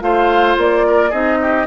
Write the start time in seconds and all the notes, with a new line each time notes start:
0.00 A3 F4 C5 F5
0.57 A#3 D5
0.87 A#4
1.10 C4 D#4 G#4 D#5
1.41 G4